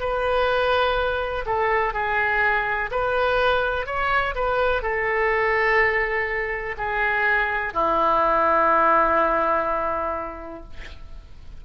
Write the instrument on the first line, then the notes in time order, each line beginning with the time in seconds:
oboe
0.00 B4
1.46 A4
1.94 G#4
2.92 B4
3.87 C#5
4.35 B4
4.83 A4
6.77 G#4
7.74 E4